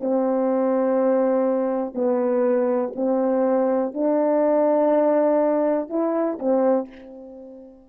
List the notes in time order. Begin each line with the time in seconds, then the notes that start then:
0.00 C4
1.94 B3
2.95 C4
3.93 D4
5.89 E4
6.39 C4